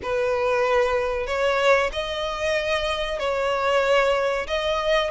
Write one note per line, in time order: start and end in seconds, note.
0.02 1.26 B4
1.26 1.90 C#5
1.92 3.19 D#5
3.19 4.47 C#5
4.47 5.10 D#5